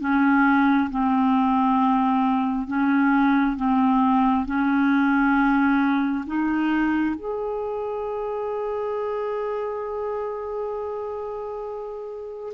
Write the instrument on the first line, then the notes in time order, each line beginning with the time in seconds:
clarinet
0.00 C#4
0.90 C4
2.67 C#4
3.57 C4
4.46 C#4
6.26 D#4
7.16 G#4